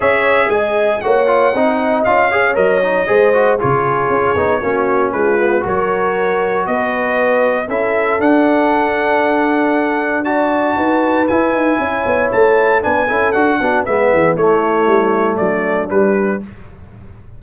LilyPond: <<
  \new Staff \with { instrumentName = "trumpet" } { \time 4/4 \tempo 4 = 117 e''4 gis''4 fis''2 | f''4 dis''2 cis''4~ | cis''2 b'4 cis''4~ | cis''4 dis''2 e''4 |
fis''1 | a''2 gis''2 | a''4 gis''4 fis''4 e''4 | cis''2 d''4 b'4 | }
  \new Staff \with { instrumentName = "horn" } { \time 4/4 cis''4 dis''4 cis''4 dis''4~ | dis''8 cis''4. c''4 gis'4~ | gis'4 fis'4 f'4 ais'4~ | ais'4 b'2 a'4~ |
a'1 | d''4 b'2 cis''4~ | cis''4 b'8 a'4 fis'8 b'8 gis'8 | e'2 d'2 | }
  \new Staff \with { instrumentName = "trombone" } { \time 4/4 gis'2 fis'8 f'8 dis'4 | f'8 gis'8 ais'8 dis'8 gis'8 fis'8 f'4~ | f'8 dis'8 cis'4. b8 fis'4~ | fis'2. e'4 |
d'1 | fis'2 e'2~ | e'4 d'8 e'8 fis'8 d'8 b4 | a2. g4 | }
  \new Staff \with { instrumentName = "tuba" } { \time 4/4 cis'4 gis4 ais4 c'4 | cis'4 fis4 gis4 cis4 | cis'8 b8 ais4 gis4 fis4~ | fis4 b2 cis'4 |
d'1~ | d'4 dis'4 e'8 dis'8 cis'8 b8 | a4 b8 cis'8 d'8 b8 gis8 e8 | a4 g4 fis4 g4 | }
>>